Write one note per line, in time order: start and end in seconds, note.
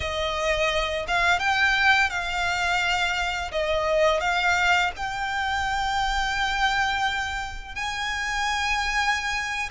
0.00 1.06 D#5
1.07 1.39 F5
1.39 2.10 G5
2.10 3.51 F5
3.51 4.20 D#5
4.20 4.91 F5
4.96 7.75 G5
7.75 9.69 G#5